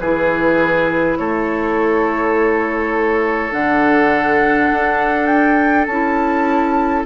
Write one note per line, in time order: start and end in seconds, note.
0.00 1.18 E3
0.00 3.52 E4
0.00 1.18 G#4
0.00 1.18 B4
1.18 3.53 A3
1.18 7.06 A4
1.18 3.53 C#5
3.52 4.70 D3
3.52 5.87 D4
3.52 5.27 F#5
4.72 5.87 D4
5.27 5.86 G5
5.87 7.05 C#4
5.87 7.06 E4
5.87 7.04 A5